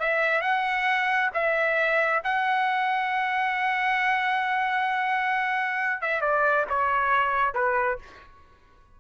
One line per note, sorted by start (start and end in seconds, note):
0.00 0.41 E5
0.41 1.30 F#5
1.34 2.23 E5
2.24 6.01 F#5
6.01 6.21 E5
6.21 6.65 D5
6.69 7.54 C#5
7.54 7.99 B4